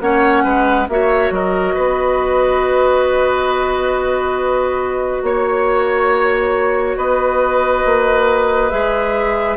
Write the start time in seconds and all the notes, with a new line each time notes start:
0.00 A#3 C#4 C#5 F#5
0.44 G#3 B4
0.88 A#3 F#4 C#5 E5
1.31 F#3 A#4 D#5
1.74 B3 B4
5.23 A#3 C#5
6.97 B3 B4 D#5
7.85 A#3
8.70 G#3 G#4 E5